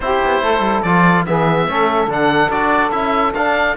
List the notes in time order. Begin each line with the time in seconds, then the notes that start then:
0.00 C4 E4 G4 C5
0.24 B3
0.41 A3 A4
0.59 G3
0.82 F3 F4 D5
1.25 E3 B3 G#4 E5
1.67 A3 C#4 A4
2.06 D3 D4 F#5
2.49 D4 F#4 D5
2.91 C#4 E4 E5
3.34 D4 F5